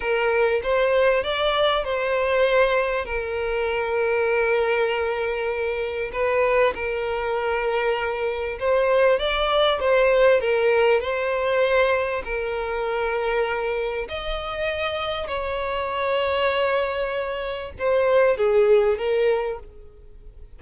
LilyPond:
\new Staff \with { instrumentName = "violin" } { \time 4/4 \tempo 4 = 98 ais'4 c''4 d''4 c''4~ | c''4 ais'2.~ | ais'2 b'4 ais'4~ | ais'2 c''4 d''4 |
c''4 ais'4 c''2 | ais'2. dis''4~ | dis''4 cis''2.~ | cis''4 c''4 gis'4 ais'4 | }